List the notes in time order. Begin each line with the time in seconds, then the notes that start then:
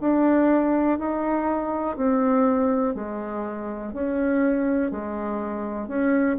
0.00 D4
0.98 D#4
1.96 C4
2.94 G#3
3.93 C#4
4.90 G#3
5.87 C#4